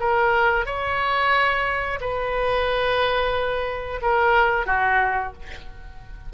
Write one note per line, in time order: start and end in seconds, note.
0.00 0.66 A#4
0.66 1.99 C#5
2.01 4.01 B4
4.02 4.66 A#4
4.66 5.33 F#4